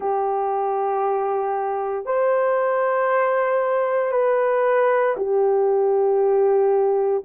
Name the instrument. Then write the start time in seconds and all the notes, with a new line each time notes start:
horn
0.00 G4
2.05 C5
4.11 B4
5.17 G4